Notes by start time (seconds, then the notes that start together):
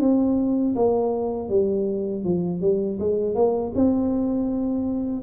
0.00 C4
0.76 A#3
1.49 G3
2.24 F3
2.61 G3
3.00 G#3
3.35 A#3
3.75 C4